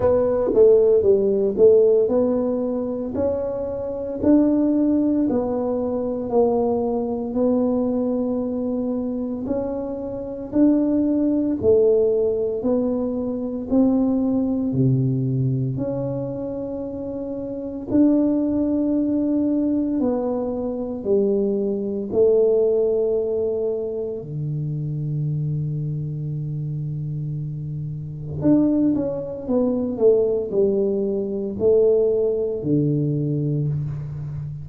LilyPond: \new Staff \with { instrumentName = "tuba" } { \time 4/4 \tempo 4 = 57 b8 a8 g8 a8 b4 cis'4 | d'4 b4 ais4 b4~ | b4 cis'4 d'4 a4 | b4 c'4 c4 cis'4~ |
cis'4 d'2 b4 | g4 a2 d4~ | d2. d'8 cis'8 | b8 a8 g4 a4 d4 | }